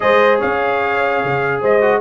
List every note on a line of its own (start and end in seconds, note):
0.00 0.42 G#3
0.00 1.81 G#4
0.00 0.38 C5
0.00 0.39 D#5
0.38 1.23 C#4
0.38 1.59 C#5
0.38 1.62 F5
1.23 1.62 C#3
1.61 2.01 G#3
1.61 2.01 C5
1.61 2.01 D#5
1.81 2.01 F#4